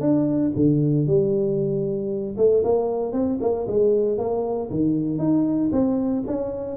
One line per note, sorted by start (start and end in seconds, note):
0.00 0.52 D4
0.55 1.06 D3
1.06 2.36 G3
2.37 2.63 A3
2.64 3.12 A#3
3.12 3.38 C4
3.40 3.66 A#3
3.67 4.18 G#3
4.18 4.69 A#3
4.70 5.18 D#3
5.18 5.70 D#4
5.72 6.23 C4
6.27 6.76 C#4